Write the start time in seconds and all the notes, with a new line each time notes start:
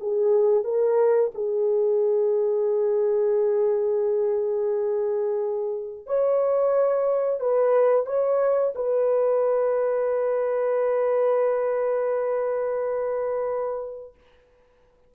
0.00 G#4
0.64 A#4
1.35 G#4
6.07 C#5
7.40 B4
8.06 C#5
8.75 B4